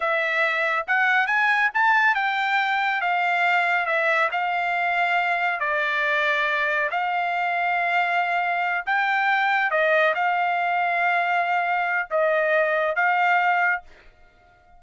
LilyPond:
\new Staff \with { instrumentName = "trumpet" } { \time 4/4 \tempo 4 = 139 e''2 fis''4 gis''4 | a''4 g''2 f''4~ | f''4 e''4 f''2~ | f''4 d''2. |
f''1~ | f''8 g''2 dis''4 f''8~ | f''1 | dis''2 f''2 | }